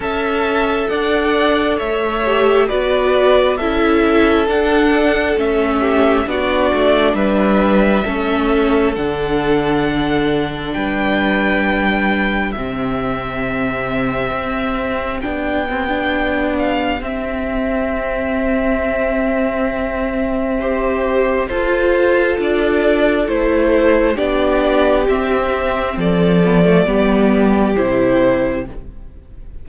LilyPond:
<<
  \new Staff \with { instrumentName = "violin" } { \time 4/4 \tempo 4 = 67 a''4 fis''4 e''4 d''4 | e''4 fis''4 e''4 d''4 | e''2 fis''2 | g''2 e''2~ |
e''4 g''4. f''8 e''4~ | e''1 | c''4 d''4 c''4 d''4 | e''4 d''2 c''4 | }
  \new Staff \with { instrumentName = "violin" } { \time 4/4 e''4 d''4 cis''4 b'4 | a'2~ a'8 g'8 fis'4 | b'4 a'2. | b'2 g'2~ |
g'1~ | g'2. c''4 | a'2. g'4~ | g'4 a'4 g'2 | }
  \new Staff \with { instrumentName = "viola" } { \time 4/4 a'2~ a'8 g'8 fis'4 | e'4 d'4 cis'4 d'4~ | d'4 cis'4 d'2~ | d'2 c'2~ |
c'4 d'8 c'16 d'4~ d'16 c'4~ | c'2. g'4 | f'2 e'4 d'4 | c'4. b16 a16 b4 e'4 | }
  \new Staff \with { instrumentName = "cello" } { \time 4/4 cis'4 d'4 a4 b4 | cis'4 d'4 a4 b8 a8 | g4 a4 d2 | g2 c2 |
c'4 b2 c'4~ | c'1 | f'4 d'4 a4 b4 | c'4 f4 g4 c4 | }
>>